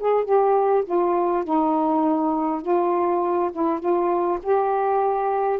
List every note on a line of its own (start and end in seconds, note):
0.00 0.25 G#4
0.25 0.84 G4
0.85 1.44 F4
1.44 2.62 D#4
2.62 3.51 F4
3.53 3.80 E4
3.80 4.39 F4
4.43 5.60 G4